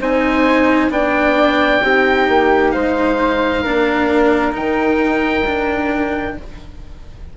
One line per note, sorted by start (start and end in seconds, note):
0.00 0.90 C4
0.00 0.91 D#4
0.00 0.92 C5
0.00 0.93 G#5
0.90 1.81 B3
0.90 1.81 D4
0.90 1.83 D5
0.90 2.72 G5
1.83 2.28 C4
1.83 3.65 D#4
1.83 2.74 G4
2.28 2.74 A#3
2.72 3.66 G#3
2.72 3.62 C5
2.72 4.54 F5
3.62 4.55 A#3
3.62 4.52 D4
3.62 6.35 A#4
4.52 6.37 D#3
4.52 5.43 D#4
4.52 6.37 G5
5.46 6.37 D4